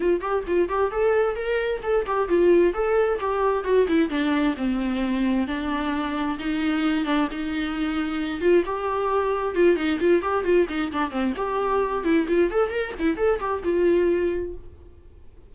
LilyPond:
\new Staff \with { instrumentName = "viola" } { \time 4/4 \tempo 4 = 132 f'8 g'8 f'8 g'8 a'4 ais'4 | a'8 g'8 f'4 a'4 g'4 | fis'8 e'8 d'4 c'2 | d'2 dis'4. d'8 |
dis'2~ dis'8 f'8 g'4~ | g'4 f'8 dis'8 f'8 g'8 f'8 dis'8 | d'8 c'8 g'4. e'8 f'8 a'8 | ais'8 e'8 a'8 g'8 f'2 | }